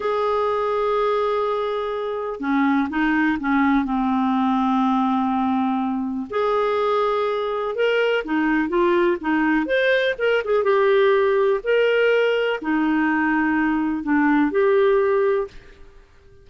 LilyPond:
\new Staff \with { instrumentName = "clarinet" } { \time 4/4 \tempo 4 = 124 gis'1~ | gis'4 cis'4 dis'4 cis'4 | c'1~ | c'4 gis'2. |
ais'4 dis'4 f'4 dis'4 | c''4 ais'8 gis'8 g'2 | ais'2 dis'2~ | dis'4 d'4 g'2 | }